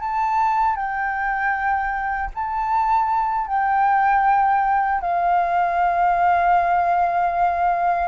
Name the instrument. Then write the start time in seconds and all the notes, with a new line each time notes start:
flute
0.00 A5
0.76 G5
2.35 A5
3.47 G5
5.01 F5